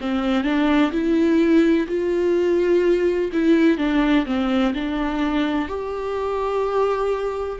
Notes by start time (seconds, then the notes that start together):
0.00 C4
0.43 D4
0.92 E4
1.87 F4
3.32 E4
3.77 D4
4.26 C4
4.74 D4
5.68 G4